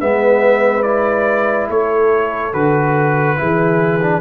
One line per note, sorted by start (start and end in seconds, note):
0.00 1.69 G#3
0.00 0.84 B3
0.00 1.69 B4
0.00 0.83 E5
0.83 2.53 E4
0.83 1.67 D5
1.69 2.54 A3
1.69 3.39 A4
1.69 2.54 C#5
2.53 3.38 D3
2.53 3.37 F#4
2.53 4.21 B4
3.37 4.21 E3
3.37 4.00 E4
3.37 4.21 G#4
4.01 4.21 D4